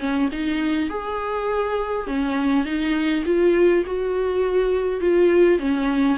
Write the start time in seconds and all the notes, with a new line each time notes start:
0.00 C#4
0.32 D#4
0.90 G#4
2.07 C#4
2.66 D#4
3.26 F4
3.86 F#4
5.01 F4
5.59 C#4